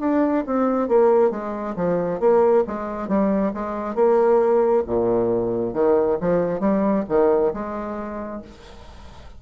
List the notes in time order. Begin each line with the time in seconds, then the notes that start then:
0.00 D4
0.47 C4
0.88 A#3
1.31 G#3
1.76 F3
2.20 A#3
2.67 G#3
3.08 G3
3.54 G#3
3.95 A#3
4.86 A#2
5.74 D#3
6.21 F3
6.60 G3
7.09 D#3
7.54 G#3